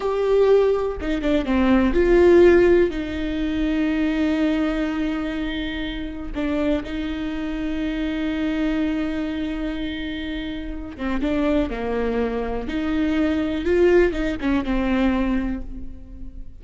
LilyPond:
\new Staff \with { instrumentName = "viola" } { \time 4/4 \tempo 4 = 123 g'2 dis'8 d'8 c'4 | f'2 dis'2~ | dis'1~ | dis'4 d'4 dis'2~ |
dis'1~ | dis'2~ dis'8 c'8 d'4 | ais2 dis'2 | f'4 dis'8 cis'8 c'2 | }